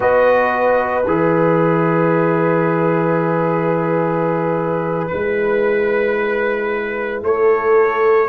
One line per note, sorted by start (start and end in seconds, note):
0.00 1.06 B3
0.00 1.03 F#4
0.00 7.24 B4
0.00 1.06 D#5
1.06 5.08 E3
1.06 5.08 G#4
1.06 5.07 E5
5.07 7.22 G#3
5.07 8.29 E4
5.07 7.21 B4
7.22 8.29 A3
7.22 8.29 A4
7.22 8.29 C#5